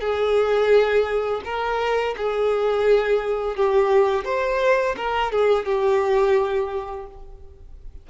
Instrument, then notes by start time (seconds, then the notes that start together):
violin
0.00 G#4
1.44 A#4
2.17 G#4
3.56 G4
4.24 C5
4.96 A#4
5.32 G#4
5.65 G4